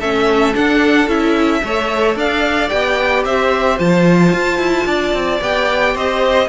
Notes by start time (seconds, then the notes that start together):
0.00 A3 C#4 A4 E5
0.54 D4 F#5
1.08 C#4 E4 E5
1.63 A3 A4 C#5
2.16 D4 D5 F5
2.70 B3 G4 G5
3.25 C4 C5 E5
3.78 F3 F4 A5
4.33 F4
4.59 E4
4.87 D4 D5
5.14 C4
5.42 B3 G4 G5
5.95 C4 C5 D#5